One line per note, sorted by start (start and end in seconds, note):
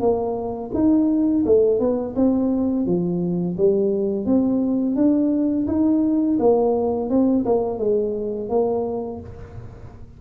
0.00 0.71 A#3
0.74 1.44 D#4
1.46 1.80 A3
1.80 2.15 B3
2.16 2.86 C4
2.86 3.56 F3
3.57 4.25 G3
4.25 4.96 C4
4.96 5.66 D4
5.67 6.38 D#4
6.39 7.09 A#3
7.09 7.45 C4
7.45 7.78 A#3
7.78 8.49 G#3
8.49 9.20 A#3